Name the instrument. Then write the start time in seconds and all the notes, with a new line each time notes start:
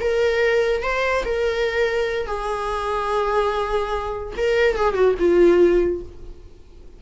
viola
0.00 A#4
0.83 C5
1.25 A#4
2.27 G#4
4.37 A#4
4.76 G#4
4.94 F#4
5.19 F4